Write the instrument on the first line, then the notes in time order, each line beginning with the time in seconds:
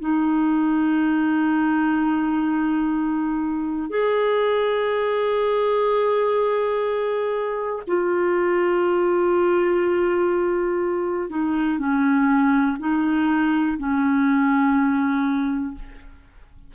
clarinet
0.00 D#4
3.89 G#4
7.87 F4
11.29 D#4
11.79 C#4
12.79 D#4
13.77 C#4